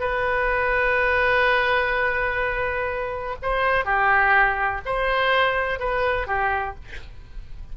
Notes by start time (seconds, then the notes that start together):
0.00 B4
3.42 C5
3.85 G4
4.86 C5
5.80 B4
6.27 G4